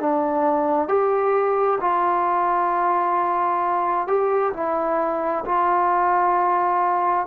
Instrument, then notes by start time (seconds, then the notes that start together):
trombone
0.00 D4
0.88 G4
1.81 F4
4.07 G4
4.53 E4
5.45 F4